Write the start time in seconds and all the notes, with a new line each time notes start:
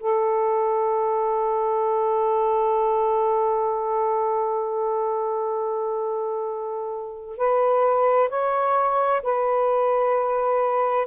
0.00 A4
7.37 B4
8.29 C#5
9.23 B4